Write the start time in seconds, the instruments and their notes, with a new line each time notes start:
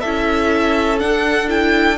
0.00 cello C#4, viola E4, violin A4 E5
0.98 viola D4, cello D4, violin F#5
1.48 viola E4, violin G5